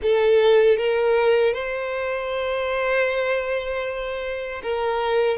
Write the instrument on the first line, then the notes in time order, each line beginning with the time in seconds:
violin
0.02 A4
0.77 A#4
1.53 C5
4.63 A#4